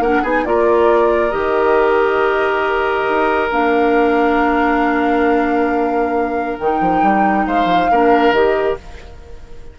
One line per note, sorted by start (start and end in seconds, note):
0.00 0.22 A#3
0.00 0.23 D4
0.00 0.22 A#4
0.00 0.25 F#5
0.22 0.45 B3
0.22 0.45 D#4
0.22 0.44 G#4
0.22 0.45 G#5
0.45 1.33 A#3
0.45 1.31 F4
0.45 7.47 A#4
0.45 1.31 D5
1.31 3.09 D#3
1.31 3.50 G4
1.31 3.50 D#5
3.09 3.52 D#4
3.51 6.58 A#3
3.51 6.58 D4
3.51 6.59 F5
6.59 6.81 D#3
6.59 7.93 D#4
6.59 7.47 G5
6.81 7.02 F3
7.02 7.46 G3
7.47 7.65 G#3
7.47 7.91 C5
7.47 8.33 F5
7.65 7.87 F3
7.91 8.32 A#3
7.91 8.34 D4
7.91 8.79 A#4
8.32 8.75 D#3
8.32 8.77 G4
8.32 8.77 D#5